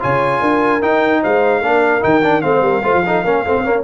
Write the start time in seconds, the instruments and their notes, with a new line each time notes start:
0.00 tuba C#3, trombone F4, horn C#5, trumpet G#5
0.40 tuba D4, horn A#4
0.81 tuba D#4, trombone D#4, trumpet G5
1.22 tuba G#3, horn C5, trumpet F5
1.60 tuba A#3, trombone D4, horn A#4
2.00 tuba D#3, trombone D#4, trumpet G5
2.23 trombone D4
2.41 tuba A3, trombone C4, horn C5, trumpet F5
2.61 tuba G3, horn A#4
2.83 tuba A3, trombone F4, horn C5
2.94 tuba F3
3.06 trombone D#4, horn A4
3.24 tuba A#3, trombone C#4, horn A#4
3.45 tuba A3, trombone C4, horn C5
3.57 tuba C4
3.64 trombone A#3, tuba C#4, horn C#5